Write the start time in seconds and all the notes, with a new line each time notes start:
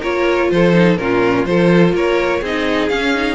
0.00 A#3 F4 A#4 C#5
0.50 F3 A4 C5
0.73 D#4
0.96 A#2 C#4 F4 A#4
1.45 F3 F4 A4 C5
1.93 A#3 A#4 C#5
2.41 C4 D#4 G#4 D#5
2.89 C#4 F5
3.14 D#4